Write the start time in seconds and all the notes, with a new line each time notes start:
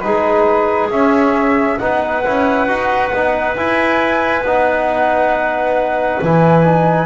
0.00 G#3 D#4 G#4 B4
0.90 C#4 E5
1.78 B3 D#4 B4 F#5
2.24 C#4 E4
2.67 D#4 F#4
3.12 B3 D#4
3.55 E4 G#5
4.42 B3 D#4 F#5
6.22 E3 E4 G#5
6.64 D#4